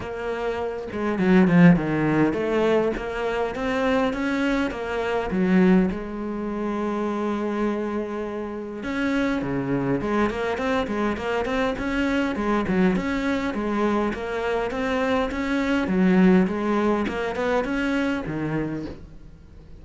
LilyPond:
\new Staff \with { instrumentName = "cello" } { \time 4/4 \tempo 4 = 102 ais4. gis8 fis8 f8 dis4 | a4 ais4 c'4 cis'4 | ais4 fis4 gis2~ | gis2. cis'4 |
cis4 gis8 ais8 c'8 gis8 ais8 c'8 | cis'4 gis8 fis8 cis'4 gis4 | ais4 c'4 cis'4 fis4 | gis4 ais8 b8 cis'4 dis4 | }